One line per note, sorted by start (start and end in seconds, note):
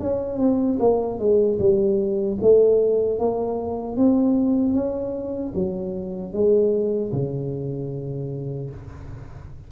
0.00 0.39 C#4
0.39 0.78 C4
0.80 1.19 A#3
1.19 1.59 G#3
1.59 2.38 G3
2.42 3.19 A3
3.19 3.97 A#3
3.97 4.74 C4
4.74 5.53 C#4
5.55 6.33 F#3
6.33 7.12 G#3
7.12 8.70 C#3